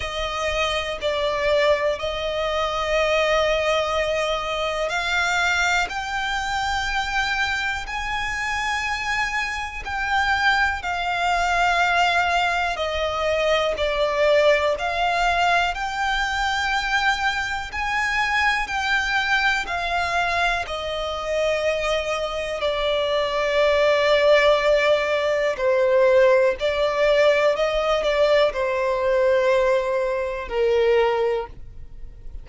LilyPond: \new Staff \with { instrumentName = "violin" } { \time 4/4 \tempo 4 = 61 dis''4 d''4 dis''2~ | dis''4 f''4 g''2 | gis''2 g''4 f''4~ | f''4 dis''4 d''4 f''4 |
g''2 gis''4 g''4 | f''4 dis''2 d''4~ | d''2 c''4 d''4 | dis''8 d''8 c''2 ais'4 | }